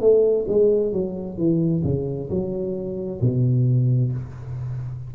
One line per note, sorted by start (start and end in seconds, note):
0.00 0.45 A3
0.48 0.92 G#3
0.92 1.37 F#3
1.37 1.83 E3
1.83 2.29 C#3
2.30 3.21 F#3
3.21 4.12 B2